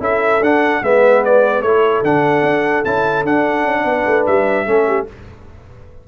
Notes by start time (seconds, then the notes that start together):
0.00 C#4 E4 A4 E5
0.40 D4 F#5
0.82 G#3 B3 B4 E5
1.24 D5
1.61 A3 E4 A4 C#5
2.02 D3 D4 F#5
2.43 D4
2.84 C#4 E4 A5
3.24 D4 F#5
3.64 C#4
3.84 B3 B4
4.06 A3
4.26 G3 E5
4.66 A3 C#4 A4
4.87 G4